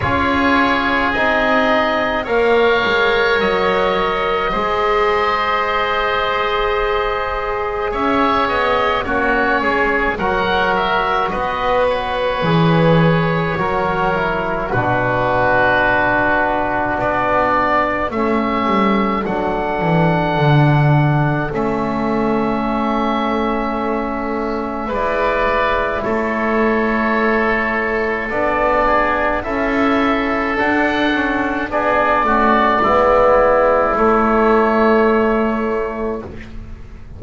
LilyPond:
<<
  \new Staff \with { instrumentName = "oboe" } { \time 4/4 \tempo 4 = 53 cis''4 dis''4 f''4 dis''4~ | dis''2. e''8 dis''8 | cis''4 fis''8 e''8 dis''8 cis''4.~ | cis''4 b'2 d''4 |
e''4 fis''2 e''4~ | e''2 d''4 cis''4~ | cis''4 d''4 e''4 fis''4 | d''2 cis''2 | }
  \new Staff \with { instrumentName = "oboe" } { \time 4/4 gis'2 cis''2 | c''2. cis''4 | fis'8 gis'8 ais'4 b'2 | ais'4 fis'2. |
a'1~ | a'2 b'4 a'4~ | a'4. gis'8 a'2 | gis'8 fis'8 e'2. | }
  \new Staff \with { instrumentName = "trombone" } { \time 4/4 f'4 dis'4 ais'2 | gis'1 | cis'4 fis'2 gis'4 | fis'8 e'8 d'2. |
cis'4 d'2 cis'4~ | cis'2 e'2~ | e'4 d'4 e'4 d'8 cis'8 | d'8 cis'8 b4 a2 | }
  \new Staff \with { instrumentName = "double bass" } { \time 4/4 cis'4 c'4 ais8 gis8 fis4 | gis2. cis'8 b8 | ais8 gis8 fis4 b4 e4 | fis4 b,2 b4 |
a8 g8 fis8 e8 d4 a4~ | a2 gis4 a4~ | a4 b4 cis'4 d'4 | b8 a8 gis4 a2 | }
>>